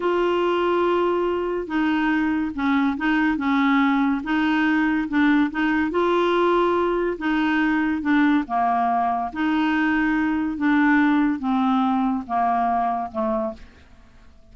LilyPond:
\new Staff \with { instrumentName = "clarinet" } { \time 4/4 \tempo 4 = 142 f'1 | dis'2 cis'4 dis'4 | cis'2 dis'2 | d'4 dis'4 f'2~ |
f'4 dis'2 d'4 | ais2 dis'2~ | dis'4 d'2 c'4~ | c'4 ais2 a4 | }